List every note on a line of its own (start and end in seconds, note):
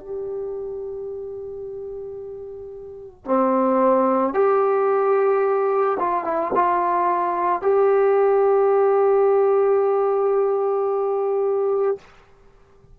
0.00 3.25 G4
3.25 4.34 C4
4.34 5.98 G4
6.00 6.24 F4
6.24 6.52 E4
6.55 7.62 F4
7.62 11.99 G4